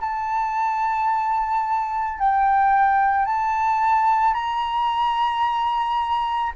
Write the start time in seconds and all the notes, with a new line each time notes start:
0.00 A5
2.18 G5
3.25 A5
4.34 A#5